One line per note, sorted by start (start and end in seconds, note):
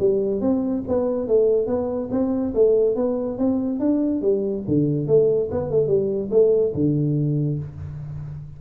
0.00 0.41 G3
0.41 0.84 C4
0.88 1.28 B3
1.28 1.67 A3
1.67 2.09 B3
2.11 2.54 C4
2.55 2.96 A3
2.96 3.38 B3
3.38 3.80 C4
3.80 4.22 D4
4.22 4.64 G3
4.68 5.07 D3
5.07 5.50 A3
5.51 5.71 B3
5.71 5.88 A3
5.88 6.30 G3
6.31 6.73 A3
6.75 7.59 D3